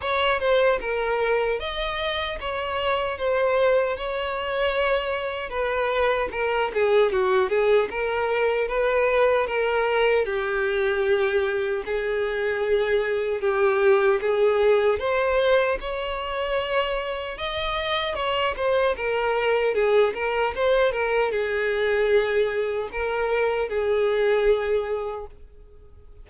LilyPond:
\new Staff \with { instrumentName = "violin" } { \time 4/4 \tempo 4 = 76 cis''8 c''8 ais'4 dis''4 cis''4 | c''4 cis''2 b'4 | ais'8 gis'8 fis'8 gis'8 ais'4 b'4 | ais'4 g'2 gis'4~ |
gis'4 g'4 gis'4 c''4 | cis''2 dis''4 cis''8 c''8 | ais'4 gis'8 ais'8 c''8 ais'8 gis'4~ | gis'4 ais'4 gis'2 | }